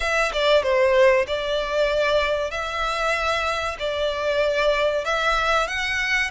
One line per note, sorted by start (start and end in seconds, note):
0.00 0.32 E5
0.32 0.62 D5
0.62 1.25 C5
1.27 2.50 D5
2.50 3.77 E5
3.79 5.04 D5
5.04 5.67 E5
5.67 6.30 F#5